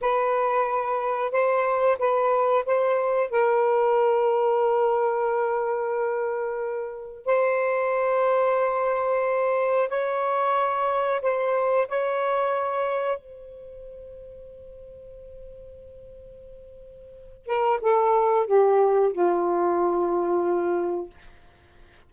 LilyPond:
\new Staff \with { instrumentName = "saxophone" } { \time 4/4 \tempo 4 = 91 b'2 c''4 b'4 | c''4 ais'2.~ | ais'2. c''4~ | c''2. cis''4~ |
cis''4 c''4 cis''2 | c''1~ | c''2~ c''8 ais'8 a'4 | g'4 f'2. | }